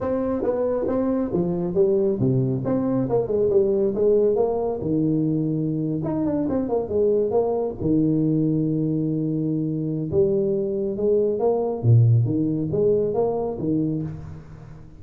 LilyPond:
\new Staff \with { instrumentName = "tuba" } { \time 4/4 \tempo 4 = 137 c'4 b4 c'4 f4 | g4 c4 c'4 ais8 gis8 | g4 gis4 ais4 dis4~ | dis4.~ dis16 dis'8 d'8 c'8 ais8 gis16~ |
gis8. ais4 dis2~ dis16~ | dis2. g4~ | g4 gis4 ais4 ais,4 | dis4 gis4 ais4 dis4 | }